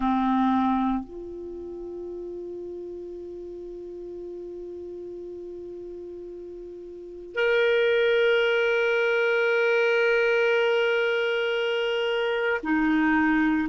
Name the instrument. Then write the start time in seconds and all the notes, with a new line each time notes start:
clarinet
0.00 C4
1.04 F4
7.34 A#4
12.63 D#4